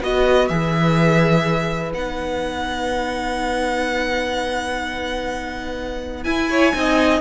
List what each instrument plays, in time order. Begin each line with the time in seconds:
0.00 cello B3, viola F#4, violin B4 D#5
0.48 cello E3, viola G#4, violin E5
1.93 cello B3, viola D#4, violin F#5
6.23 viola E4, cello E4, violin G#5
6.49 violin C#5
6.73 cello C4, viola D#4, violin D#5